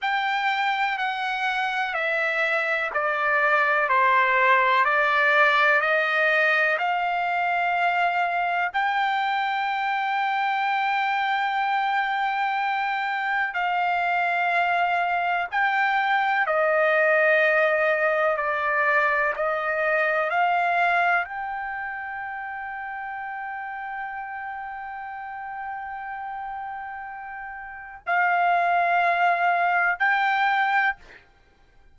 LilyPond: \new Staff \with { instrumentName = "trumpet" } { \time 4/4 \tempo 4 = 62 g''4 fis''4 e''4 d''4 | c''4 d''4 dis''4 f''4~ | f''4 g''2.~ | g''2 f''2 |
g''4 dis''2 d''4 | dis''4 f''4 g''2~ | g''1~ | g''4 f''2 g''4 | }